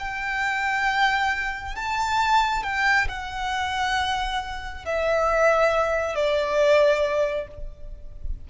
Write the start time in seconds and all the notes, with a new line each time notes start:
0.00 G5
1.76 A5
2.64 G5
3.09 F#5
4.86 E5
6.16 D5